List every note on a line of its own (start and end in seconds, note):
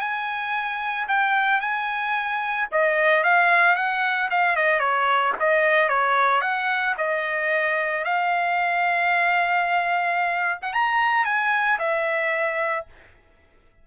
0.00 1.07 G#5
1.08 1.61 G5
1.61 2.68 G#5
2.72 3.24 D#5
3.24 3.76 F5
3.76 4.29 F#5
4.30 4.56 F5
4.56 4.79 D#5
4.79 5.33 C#5
5.39 5.89 D#5
5.89 6.41 C#5
6.41 6.95 F#5
6.98 8.04 D#5
8.04 10.59 F5
10.62 10.73 F#5
10.73 11.25 A#5
11.25 11.78 G#5
11.79 12.86 E5